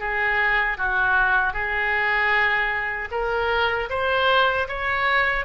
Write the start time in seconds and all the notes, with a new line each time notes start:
0.00 G#4
0.78 F#4
1.53 G#4
3.11 A#4
3.90 C5
4.68 C#5